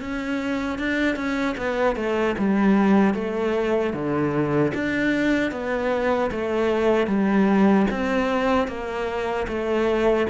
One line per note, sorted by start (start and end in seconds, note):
0.00 0.79 C#4
0.79 1.16 D4
1.16 1.55 C#4
1.58 1.96 B3
1.96 2.35 A3
2.38 3.14 G3
3.14 3.93 A3
3.93 4.72 D3
4.74 5.52 D4
5.52 6.31 B3
6.31 7.07 A3
7.07 7.86 G3
7.91 8.68 C4
8.68 9.47 A#3
9.48 10.27 A3